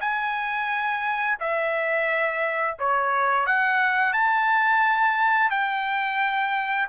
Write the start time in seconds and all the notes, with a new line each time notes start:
0.00 G#5
1.39 E5
2.79 C#5
3.46 F#5
4.13 A5
5.50 G5